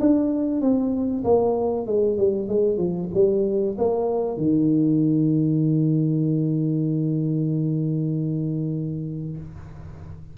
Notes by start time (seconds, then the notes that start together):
0.00 D4
0.61 C4
1.24 A#3
1.87 G#3
2.18 G3
2.49 G#3
2.78 F3
3.14 G3
3.78 A#3
4.38 D#3